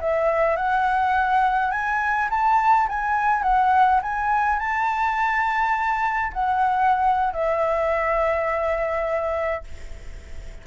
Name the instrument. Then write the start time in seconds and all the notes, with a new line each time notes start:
flute
0.00 E5
0.56 F#5
1.71 G#5
2.30 A5
2.88 G#5
3.42 F#5
4.02 G#5
4.59 A5
6.33 F#5
7.33 E5